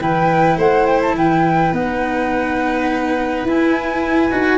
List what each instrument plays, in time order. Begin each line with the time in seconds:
0.00 tuba E3, cello E4, violin B4, flute G5
0.57 tuba A3, violin C5, flute F#5
0.86 flute G5
1.02 flute A5
1.15 tuba E3, violin B4, flute G5
1.72 tuba B3, cello D#4, flute F#5
3.44 tuba E4, cello E4, flute G#5
4.32 tuba D#4, cello F#4